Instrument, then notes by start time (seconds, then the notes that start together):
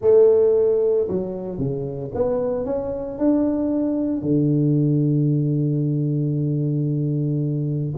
tuba
0.01 A3
1.07 F#3
1.58 C#3
2.14 B3
2.65 C#4
3.18 D4
4.22 D3